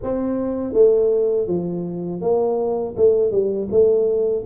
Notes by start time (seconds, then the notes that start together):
0.02 C4
0.73 A3
1.46 F3
2.21 A#3
2.96 A3
3.31 G3
3.71 A3